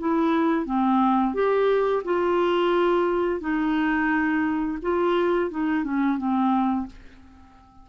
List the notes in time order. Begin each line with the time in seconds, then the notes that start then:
0.00 E4
0.66 C4
1.34 G4
2.05 F4
3.41 D#4
4.82 F4
5.51 D#4
5.84 C#4
6.18 C4